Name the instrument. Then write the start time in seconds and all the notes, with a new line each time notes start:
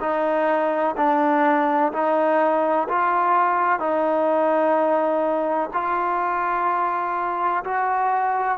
trombone
0.00 D#4
0.97 D4
1.92 D#4
2.88 F4
3.79 D#4
5.73 F4
7.64 F#4